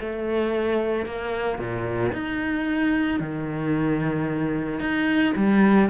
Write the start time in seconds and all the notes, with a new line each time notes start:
0.00 A3
1.05 A#3
1.58 A#2
2.12 D#4
3.20 D#3
4.80 D#4
5.36 G3